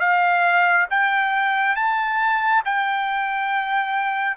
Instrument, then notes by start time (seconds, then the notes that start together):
trumpet
0.00 F5
0.90 G5
1.76 A5
2.65 G5